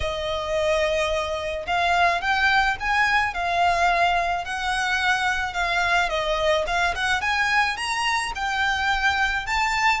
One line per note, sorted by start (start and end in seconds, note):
0.00 1.65 D#5
1.67 2.21 F5
2.21 2.76 G5
2.80 3.33 G#5
3.33 4.44 F5
4.44 5.53 F#5
5.53 6.09 F5
6.09 6.64 D#5
6.66 6.94 F5
6.95 7.21 F#5
7.21 7.77 G#5
7.77 8.32 A#5
8.35 9.46 G5
9.46 10.00 A5